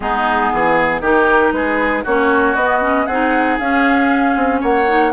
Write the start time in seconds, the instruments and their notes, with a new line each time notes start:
0.00 bassoon G#3, clarinet B3, oboe D#4, flute G#4
0.52 bassoon E3, oboe G#4
1.00 bassoon D#3, clarinet D#4, oboe G4, flute A#4
1.52 bassoon G#3, oboe G#4, flute B4
2.03 bassoon A#3, clarinet C#4, oboe F#4, flute C#5
2.55 bassoon B3, clarinet B3, flute D#5
2.81 clarinet C#4
3.06 bassoon C4, clarinet D#4, oboe G#4, flute F#5
3.58 bassoon C#4, clarinet C#4, flute F5
4.36 bassoon C4
4.60 bassoon A#3, oboe C#5, flute F#5
4.87 clarinet D#4